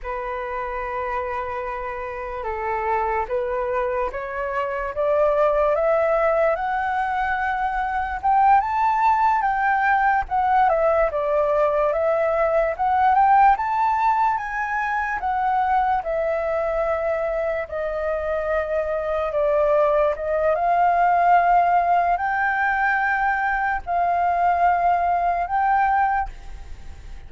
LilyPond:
\new Staff \with { instrumentName = "flute" } { \time 4/4 \tempo 4 = 73 b'2. a'4 | b'4 cis''4 d''4 e''4 | fis''2 g''8 a''4 g''8~ | g''8 fis''8 e''8 d''4 e''4 fis''8 |
g''8 a''4 gis''4 fis''4 e''8~ | e''4. dis''2 d''8~ | d''8 dis''8 f''2 g''4~ | g''4 f''2 g''4 | }